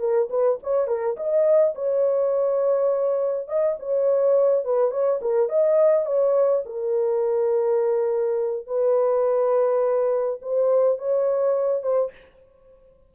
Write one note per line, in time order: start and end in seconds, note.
0.00 0.29 A#4
0.30 0.59 B4
0.63 0.88 C#5
0.88 1.16 A#4
1.17 1.75 D#5
1.75 3.48 C#5
3.48 3.77 D#5
3.80 4.65 C#5
4.65 4.91 B4
4.91 5.20 C#5
5.22 5.49 A#4
5.49 6.06 D#5
6.06 6.64 C#5
6.66 8.67 A#4
8.67 10.40 B4
10.42 10.99 C5
10.99 11.83 C#5
11.83 12.12 C5